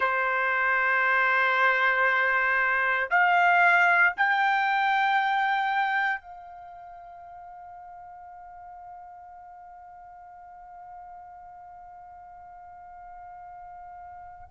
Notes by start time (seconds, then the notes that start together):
0.00 C5
3.10 F5
4.17 G5
6.21 F5